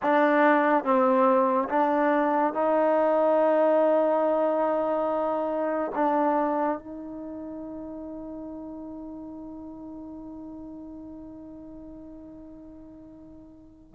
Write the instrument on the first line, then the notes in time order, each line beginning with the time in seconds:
trombone
0.02 D4
0.84 C4
1.69 D4
2.54 D#4
5.94 D4
6.78 D#4